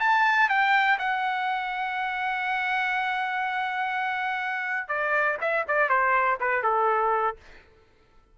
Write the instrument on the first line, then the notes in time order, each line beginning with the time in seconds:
trumpet
0.00 A5
0.49 G5
0.99 F#5
4.89 D5
5.41 E5
5.68 D5
5.89 C5
6.40 B4
6.63 A4